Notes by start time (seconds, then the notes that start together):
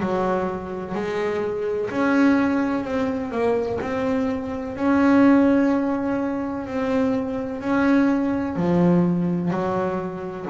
0.00 F#3
0.94 G#3
1.90 C#4
2.84 C4
3.31 A#3
3.81 C4
4.76 C#4
6.66 C4
7.60 C#4
8.55 F3
9.50 F#3